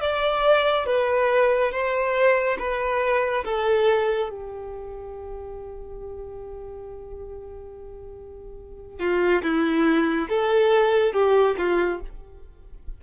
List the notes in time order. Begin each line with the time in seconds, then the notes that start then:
0.00 D5
0.86 B4
1.71 C5
2.58 B4
3.44 A4
4.29 G4
8.99 F4
9.42 E4
10.29 A4
11.13 G4
11.58 F4